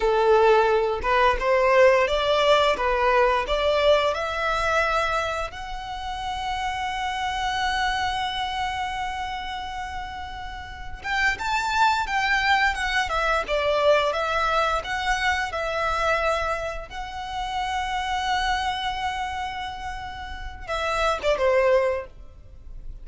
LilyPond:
\new Staff \with { instrumentName = "violin" } { \time 4/4 \tempo 4 = 87 a'4. b'8 c''4 d''4 | b'4 d''4 e''2 | fis''1~ | fis''1 |
g''8 a''4 g''4 fis''8 e''8 d''8~ | d''8 e''4 fis''4 e''4.~ | e''8 fis''2.~ fis''8~ | fis''2 e''8. d''16 c''4 | }